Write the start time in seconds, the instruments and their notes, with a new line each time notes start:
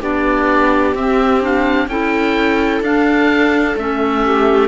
0.00 cello B3, clarinet D4, viola G4, oboe D5
0.95 cello C4, clarinet C4, oboe E5
1.41 clarinet D4, oboe F5
1.88 cello C#4, clarinet E4, viola A4, oboe G5
2.81 cello D4, clarinet D4, oboe F5
3.77 cello A3, clarinet C#4, oboe E5
4.25 viola G4